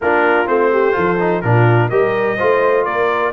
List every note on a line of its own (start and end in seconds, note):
0.01 0.48 A#3
0.01 0.46 D4
0.01 0.71 F4
0.01 0.47 A#4
0.46 0.95 A3
0.46 0.92 C4
0.46 1.41 C5
0.71 0.95 G4
0.92 1.43 F3
0.92 1.16 F4
0.92 1.42 A4
1.19 1.43 D#4
1.41 1.90 A#2
1.41 1.91 D4
1.41 1.89 F4
1.41 1.89 A#4
1.89 2.38 G3
1.89 2.38 G4
1.89 2.36 A#4
1.89 2.84 D#5
2.36 2.85 A3
2.36 3.33 F4
2.36 2.84 C5
2.84 3.33 A#3
2.84 3.32 A#4
2.84 3.32 D5